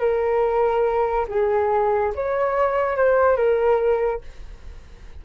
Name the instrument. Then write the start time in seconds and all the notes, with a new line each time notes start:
flute
0.00 A#4
1.29 G#4
2.15 C#5
2.97 C5
3.37 A#4